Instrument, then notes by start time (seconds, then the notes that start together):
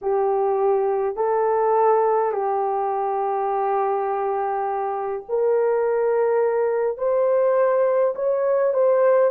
horn
0.01 G4
1.16 A4
2.32 G4
5.29 A#4
6.97 C5
8.15 C#5
8.73 C5